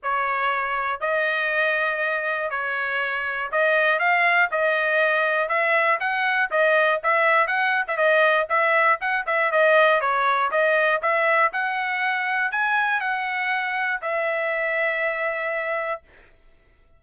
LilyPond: \new Staff \with { instrumentName = "trumpet" } { \time 4/4 \tempo 4 = 120 cis''2 dis''2~ | dis''4 cis''2 dis''4 | f''4 dis''2 e''4 | fis''4 dis''4 e''4 fis''8. e''16 |
dis''4 e''4 fis''8 e''8 dis''4 | cis''4 dis''4 e''4 fis''4~ | fis''4 gis''4 fis''2 | e''1 | }